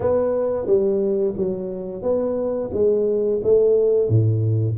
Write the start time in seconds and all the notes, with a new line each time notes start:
0.00 B3
0.66 G3
1.36 F#3
2.02 B3
2.73 G#3
3.43 A3
4.08 A2